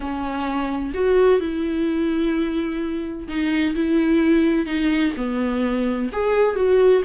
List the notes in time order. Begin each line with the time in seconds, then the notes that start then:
0.00 C#4
0.94 F#4
1.40 E4
3.27 D#4
3.75 E4
4.66 D#4
5.16 B3
6.12 G#4
6.55 F#4